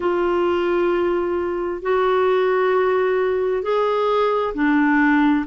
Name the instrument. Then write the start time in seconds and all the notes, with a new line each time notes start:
clarinet
0.00 F4
1.82 F#4
3.62 G#4
4.54 D4